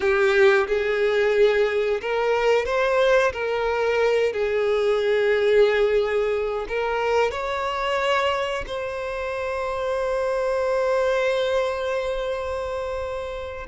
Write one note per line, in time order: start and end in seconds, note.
0.00 0.67 G4
0.67 2.00 G#4
2.01 2.65 A#4
2.65 3.32 C5
3.32 4.32 A#4
4.32 6.66 G#4
6.68 7.31 A#4
7.31 8.64 C#5
8.66 13.66 C5